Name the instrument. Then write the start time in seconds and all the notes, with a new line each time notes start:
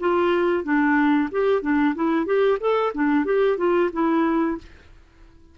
clarinet
0.00 F4
0.64 D4
1.31 G4
1.62 D4
1.95 E4
2.26 G4
2.60 A4
2.94 D4
3.25 G4
3.58 F4
3.93 E4